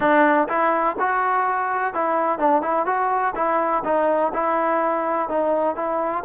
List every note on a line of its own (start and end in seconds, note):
0.00 0.47 D4
0.48 0.96 E4
0.99 1.94 F#4
1.94 2.38 E4
2.38 2.62 D4
2.62 2.86 E4
2.86 3.34 F#4
3.35 3.83 E4
3.84 4.32 D#4
4.33 5.28 E4
5.28 5.75 D#4
5.75 6.23 E4